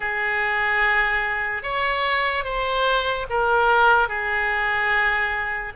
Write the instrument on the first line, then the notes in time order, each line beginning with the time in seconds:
oboe
0.00 G#4
1.62 C#5
2.44 C5
3.29 A#4
4.08 G#4